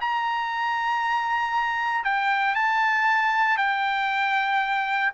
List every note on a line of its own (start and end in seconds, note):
0.00 2.04 A#5
2.04 2.55 G5
2.55 3.57 A5
3.57 5.11 G5